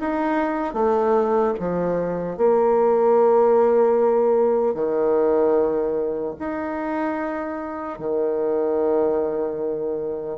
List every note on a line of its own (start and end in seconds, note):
0.00 0.74 D#4
0.74 1.54 A3
1.60 2.37 F3
2.37 4.75 A#3
4.75 6.35 D#3
6.40 7.99 D#4
7.99 10.38 D#3